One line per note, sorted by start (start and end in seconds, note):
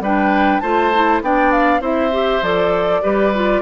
0.00 0.60 G3
0.00 0.62 D4
0.00 0.62 B4
0.00 0.60 G5
0.60 1.21 A3
0.60 0.92 F4
0.60 1.22 C5
0.60 1.20 A5
0.94 1.23 E4
1.21 1.80 B3
1.21 1.80 D4
1.21 1.81 D5
1.21 1.52 G5
1.52 1.81 F5
1.80 2.41 C4
1.80 2.10 E4
1.80 3.01 C5
1.80 2.44 E5
2.12 2.42 G4
2.41 3.01 F3
2.41 3.02 A4
2.41 3.61 D5
3.02 3.61 G3
3.02 3.32 G4
3.02 3.61 B4
3.34 3.61 F4